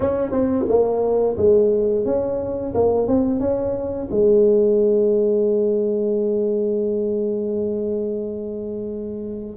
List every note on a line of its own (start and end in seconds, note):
0.00 0.31 C#4
0.31 0.65 C4
0.68 1.36 A#3
1.37 2.05 G#3
2.05 2.73 C#4
2.74 3.07 A#3
3.07 3.40 C4
3.40 4.08 C#4
4.10 9.56 G#3